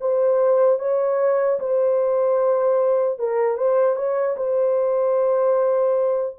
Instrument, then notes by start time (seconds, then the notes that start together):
horn
0.00 C5
0.79 C#5
1.60 C5
3.19 A#4
3.57 C5
3.96 C#5
4.36 C5